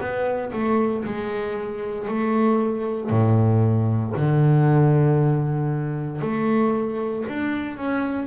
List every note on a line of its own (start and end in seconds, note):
0.00 0.52 B3
0.52 1.04 A3
1.04 2.07 G#3
2.07 3.09 A3
3.09 4.13 A2
4.16 6.21 D3
6.21 7.25 A3
7.28 7.77 D4
7.77 8.26 C#4